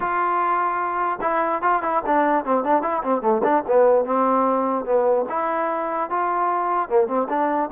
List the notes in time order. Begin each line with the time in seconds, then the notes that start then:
0.00 F4
1.21 E4
1.62 F4
1.82 E4
2.06 D4
2.45 C4
2.64 D4
2.82 E4
3.03 C4
3.21 A3
3.43 D4
3.67 B3
4.05 C4
4.85 B3
5.29 E4
6.10 F4
6.89 A#3
7.07 C4
7.29 D4